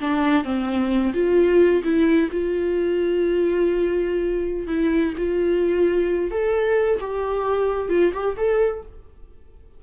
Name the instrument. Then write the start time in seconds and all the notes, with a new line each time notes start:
viola
0.00 D4
0.44 C4
1.13 F4
1.83 E4
2.31 F4
4.67 E4
5.17 F4
6.31 A4
7.00 G4
7.89 F4
8.13 G4
8.37 A4